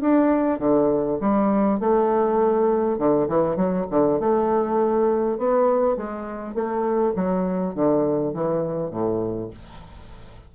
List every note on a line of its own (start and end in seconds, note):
0.00 0.59 D4
0.59 1.18 D3
1.20 1.80 G3
1.80 2.98 A3
2.98 3.28 D3
3.28 3.56 E3
3.56 3.86 F#3
3.90 4.19 D3
4.20 5.38 A3
5.38 5.96 B3
5.96 6.54 G#3
6.54 7.14 A3
7.15 7.74 F#3
7.74 8.33 D3
8.33 8.91 E3
8.91 9.50 A2